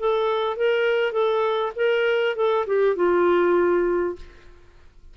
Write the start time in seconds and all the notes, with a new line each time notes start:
0.00 A4
0.57 A#4
1.13 A4
1.76 A#4
2.36 A4
2.67 G4
2.96 F4